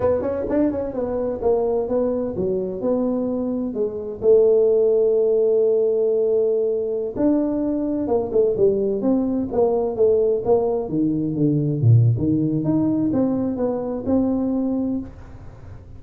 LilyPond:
\new Staff \with { instrumentName = "tuba" } { \time 4/4 \tempo 4 = 128 b8 cis'8 d'8 cis'8 b4 ais4 | b4 fis4 b2 | gis4 a2.~ | a2.~ a16 d'8.~ |
d'4~ d'16 ais8 a8 g4 c'8.~ | c'16 ais4 a4 ais4 dis8.~ | dis16 d4 ais,8. dis4 dis'4 | c'4 b4 c'2 | }